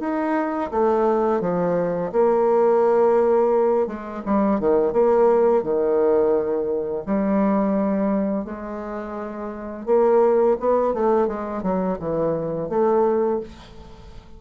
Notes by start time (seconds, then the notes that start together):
0.00 D#4
0.71 A3
1.41 F3
2.12 A#3
3.87 G#3
4.25 G3
4.60 D#3
4.93 A#3
5.63 D#3
7.06 G3
8.44 G#3
9.86 A#3
10.59 B3
10.93 A3
11.27 G#3
11.62 F#3
11.99 E3
12.69 A3